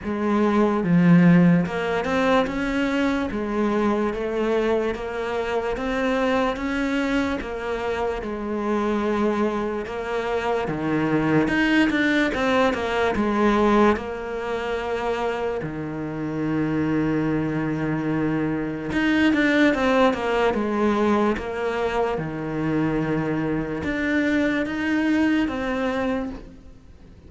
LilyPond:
\new Staff \with { instrumentName = "cello" } { \time 4/4 \tempo 4 = 73 gis4 f4 ais8 c'8 cis'4 | gis4 a4 ais4 c'4 | cis'4 ais4 gis2 | ais4 dis4 dis'8 d'8 c'8 ais8 |
gis4 ais2 dis4~ | dis2. dis'8 d'8 | c'8 ais8 gis4 ais4 dis4~ | dis4 d'4 dis'4 c'4 | }